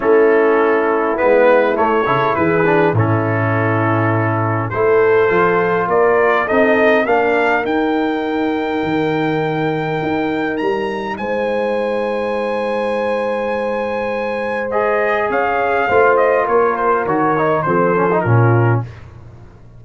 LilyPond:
<<
  \new Staff \with { instrumentName = "trumpet" } { \time 4/4 \tempo 4 = 102 a'2 b'4 cis''4 | b'4 a'2. | c''2 d''4 dis''4 | f''4 g''2.~ |
g''2 ais''4 gis''4~ | gis''1~ | gis''4 dis''4 f''4. dis''8 | cis''8 c''8 cis''4 c''4 ais'4 | }
  \new Staff \with { instrumentName = "horn" } { \time 4/4 e'2.~ e'8 a'8 | gis'4 e'2. | a'2 ais'4 a'4 | ais'1~ |
ais'2. c''4~ | c''1~ | c''2 cis''4 c''4 | ais'2 a'4 f'4 | }
  \new Staff \with { instrumentName = "trombone" } { \time 4/4 cis'2 b4 a8 e'8~ | e'8 d'8 cis'2. | e'4 f'2 dis'4 | d'4 dis'2.~ |
dis'1~ | dis'1~ | dis'4 gis'2 f'4~ | f'4 fis'8 dis'8 c'8 cis'16 dis'16 cis'4 | }
  \new Staff \with { instrumentName = "tuba" } { \time 4/4 a2 gis4 a8 cis8 | e4 a,2. | a4 f4 ais4 c'4 | ais4 dis'2 dis4~ |
dis4 dis'4 g4 gis4~ | gis1~ | gis2 cis'4 a4 | ais4 dis4 f4 ais,4 | }
>>